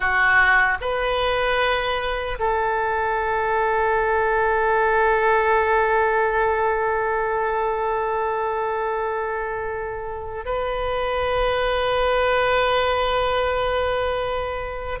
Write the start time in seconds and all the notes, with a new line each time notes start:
0.00 F#4
0.81 B4
2.39 A4
10.45 B4